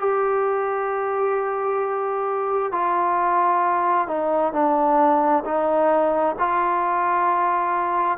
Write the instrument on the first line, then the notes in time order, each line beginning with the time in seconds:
trombone
0.00 G4
2.72 F4
4.08 D#4
4.53 D4
5.45 D#4
6.39 F4